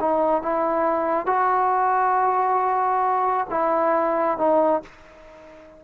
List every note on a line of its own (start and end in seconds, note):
0.00 0.42 D#4
0.42 1.26 E4
1.26 3.47 F#4
3.50 4.38 E4
4.38 4.82 D#4